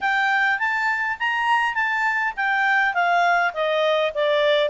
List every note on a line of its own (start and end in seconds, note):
0.00 0.58 G5
0.58 1.17 A5
1.19 1.74 A#5
1.74 2.33 A5
2.36 2.94 G5
2.94 3.52 F5
3.53 4.12 D#5
4.14 4.69 D5